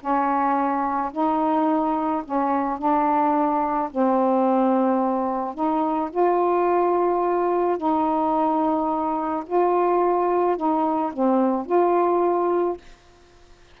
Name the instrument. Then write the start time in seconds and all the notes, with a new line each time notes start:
saxophone
0.00 C#4
1.11 D#4
2.24 C#4
2.78 D4
3.91 C4
5.54 D#4
6.11 F4
7.77 D#4
9.46 F4
10.57 D#4
11.13 C4
11.65 F4